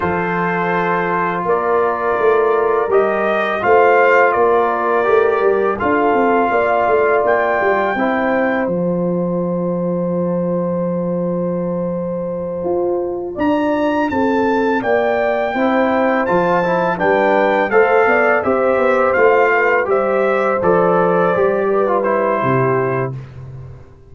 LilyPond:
<<
  \new Staff \with { instrumentName = "trumpet" } { \time 4/4 \tempo 4 = 83 c''2 d''2 | dis''4 f''4 d''2 | f''2 g''2 | a''1~ |
a''2~ a''8 ais''4 a''8~ | a''8 g''2 a''4 g''8~ | g''8 f''4 e''4 f''4 e''8~ | e''8 d''2 c''4. | }
  \new Staff \with { instrumentName = "horn" } { \time 4/4 a'2 ais'2~ | ais'4 c''4 ais'2 | a'4 d''2 c''4~ | c''1~ |
c''2~ c''8 d''4 a'8~ | a'8 d''4 c''2 b'8~ | b'8 c''8 d''8 c''4. b'8 c''8~ | c''2 b'4 g'4 | }
  \new Staff \with { instrumentName = "trombone" } { \time 4/4 f'1 | g'4 f'2 g'4 | f'2. e'4 | f'1~ |
f'1~ | f'4. e'4 f'8 e'8 d'8~ | d'8 a'4 g'4 f'4 g'8~ | g'8 a'4 g'8. f'16 e'4. | }
  \new Staff \with { instrumentName = "tuba" } { \time 4/4 f2 ais4 a4 | g4 a4 ais4 a8 g8 | d'8 c'8 ais8 a8 ais8 g8 c'4 | f1~ |
f4. f'4 d'4 c'8~ | c'8 ais4 c'4 f4 g8~ | g8 a8 b8 c'8 b8 a4 g8~ | g8 f4 g4. c4 | }
>>